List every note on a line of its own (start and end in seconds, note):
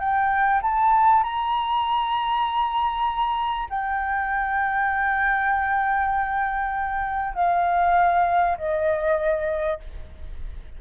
0.00 0.61 G5
0.62 1.24 A5
1.24 3.68 A#5
3.70 7.35 G5
7.35 8.57 F5
8.58 9.80 D#5